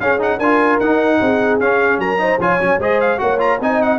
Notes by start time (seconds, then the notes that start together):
0.00 C#4 G#4 F5
0.19 D#4 F#5
0.37 D4 F4 A#4 G#5
0.80 D#4 F#5
1.21 C4 G#4
1.60 C#4 F5
1.98 F#3 A#4 A#5
2.18 D#4 C5
2.39 F3 F4 C#5 G#5
2.60 F#3 C#4
2.79 G#3 G#4 C5 D#5
3.00 F5
3.17 A#3 F#4 C#5 F#5
3.38 F4 A#5
3.60 C4 D#4 D#5 G#5
3.82 F#5